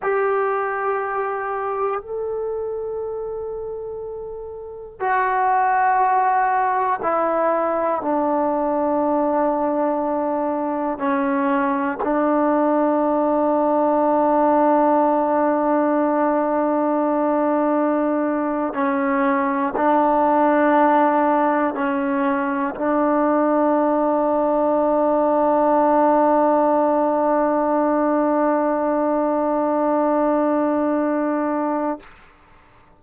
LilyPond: \new Staff \with { instrumentName = "trombone" } { \time 4/4 \tempo 4 = 60 g'2 a'2~ | a'4 fis'2 e'4 | d'2. cis'4 | d'1~ |
d'2~ d'8. cis'4 d'16~ | d'4.~ d'16 cis'4 d'4~ d'16~ | d'1~ | d'1 | }